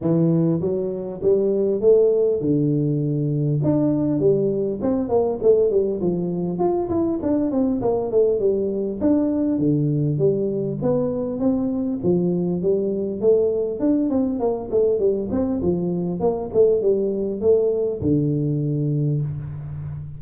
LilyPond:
\new Staff \with { instrumentName = "tuba" } { \time 4/4 \tempo 4 = 100 e4 fis4 g4 a4 | d2 d'4 g4 | c'8 ais8 a8 g8 f4 f'8 e'8 | d'8 c'8 ais8 a8 g4 d'4 |
d4 g4 b4 c'4 | f4 g4 a4 d'8 c'8 | ais8 a8 g8 c'8 f4 ais8 a8 | g4 a4 d2 | }